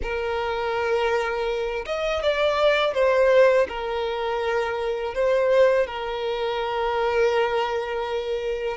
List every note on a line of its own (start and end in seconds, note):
0.02 1.85 A#4
1.86 2.22 D#5
2.22 2.94 D5
2.94 3.67 C5
3.68 5.14 A#4
5.14 5.86 C5
5.86 8.77 A#4